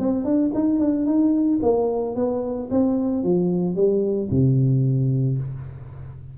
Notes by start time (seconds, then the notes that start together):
0.00 C4
0.25 D4
0.55 D#4
0.80 D4
1.06 D#4
1.63 A#3
2.16 B3
2.71 C4
3.24 F3
3.76 G3
4.31 C3